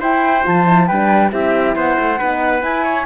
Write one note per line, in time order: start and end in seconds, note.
0.00 0.43 E4
0.00 0.44 E4
0.00 0.87 C5
0.00 0.46 G5
0.43 0.90 F3
0.43 0.65 F4
0.43 0.87 A5
0.66 0.88 E4
0.87 1.32 G3
0.87 1.30 D4
0.87 1.31 B4
0.87 1.31 G5
1.30 1.75 C4
1.30 2.17 E4
1.30 1.75 G4
1.30 1.76 E5
1.75 1.97 B3
1.75 2.18 C5
1.75 2.63 F#5
1.99 2.20 A3
2.18 2.62 B3
2.18 2.60 D#4
2.18 2.83 B4
2.60 3.04 E4
2.60 3.05 E4
2.60 3.05 G#5
2.83 3.05 C#5